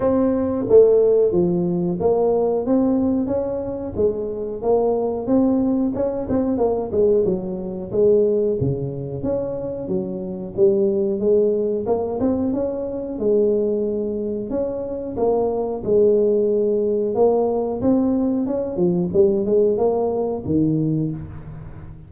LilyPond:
\new Staff \with { instrumentName = "tuba" } { \time 4/4 \tempo 4 = 91 c'4 a4 f4 ais4 | c'4 cis'4 gis4 ais4 | c'4 cis'8 c'8 ais8 gis8 fis4 | gis4 cis4 cis'4 fis4 |
g4 gis4 ais8 c'8 cis'4 | gis2 cis'4 ais4 | gis2 ais4 c'4 | cis'8 f8 g8 gis8 ais4 dis4 | }